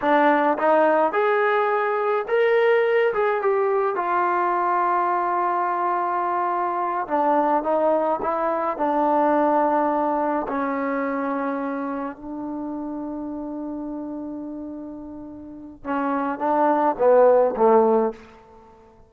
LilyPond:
\new Staff \with { instrumentName = "trombone" } { \time 4/4 \tempo 4 = 106 d'4 dis'4 gis'2 | ais'4. gis'8 g'4 f'4~ | f'1~ | f'8 d'4 dis'4 e'4 d'8~ |
d'2~ d'8 cis'4.~ | cis'4. d'2~ d'8~ | d'1 | cis'4 d'4 b4 a4 | }